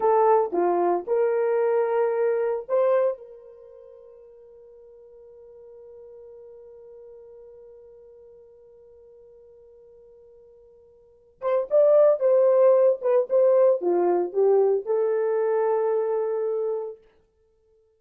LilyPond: \new Staff \with { instrumentName = "horn" } { \time 4/4 \tempo 4 = 113 a'4 f'4 ais'2~ | ais'4 c''4 ais'2~ | ais'1~ | ais'1~ |
ais'1~ | ais'4. c''8 d''4 c''4~ | c''8 b'8 c''4 f'4 g'4 | a'1 | }